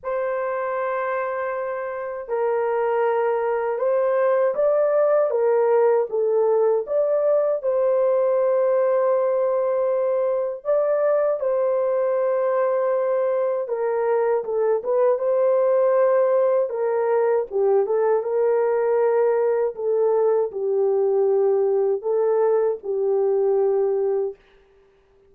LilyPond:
\new Staff \with { instrumentName = "horn" } { \time 4/4 \tempo 4 = 79 c''2. ais'4~ | ais'4 c''4 d''4 ais'4 | a'4 d''4 c''2~ | c''2 d''4 c''4~ |
c''2 ais'4 a'8 b'8 | c''2 ais'4 g'8 a'8 | ais'2 a'4 g'4~ | g'4 a'4 g'2 | }